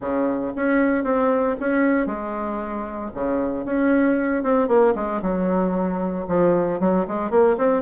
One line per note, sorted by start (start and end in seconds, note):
0.00 0.52 C#3
0.56 1.03 C#4
1.03 1.56 C4
1.59 2.06 C#4
2.06 3.10 G#3
3.14 3.65 C#3
3.65 4.43 C#4
4.43 4.68 C4
4.68 4.94 A#3
4.95 5.21 G#3
5.22 6.26 F#3
6.28 6.80 F3
6.80 7.06 F#3
7.07 7.30 G#3
7.30 7.56 A#3
7.57 7.82 C4